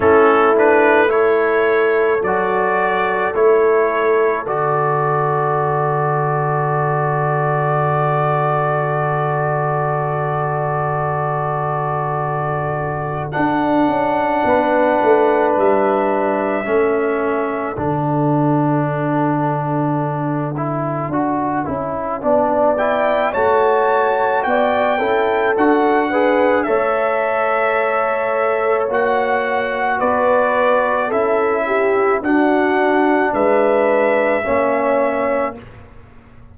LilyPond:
<<
  \new Staff \with { instrumentName = "trumpet" } { \time 4/4 \tempo 4 = 54 a'8 b'8 cis''4 d''4 cis''4 | d''1~ | d''1 | fis''2 e''2 |
fis''1~ | fis''8 g''8 a''4 g''4 fis''4 | e''2 fis''4 d''4 | e''4 fis''4 e''2 | }
  \new Staff \with { instrumentName = "horn" } { \time 4/4 e'4 a'2.~ | a'1~ | a'1~ | a'4 b'2 a'4~ |
a'1 | d''4 cis''4 d''8 a'4 b'8 | cis''2. b'4 | a'8 g'8 fis'4 b'4 cis''4 | }
  \new Staff \with { instrumentName = "trombone" } { \time 4/4 cis'8 d'8 e'4 fis'4 e'4 | fis'1~ | fis'1 | d'2. cis'4 |
d'2~ d'8 e'8 fis'8 e'8 | d'8 e'8 fis'4. e'8 fis'8 gis'8 | a'2 fis'2 | e'4 d'2 cis'4 | }
  \new Staff \with { instrumentName = "tuba" } { \time 4/4 a2 fis4 a4 | d1~ | d1 | d'8 cis'8 b8 a8 g4 a4 |
d2. d'8 cis'8 | b4 a4 b8 cis'8 d'4 | a2 ais4 b4 | cis'4 d'4 gis4 ais4 | }
>>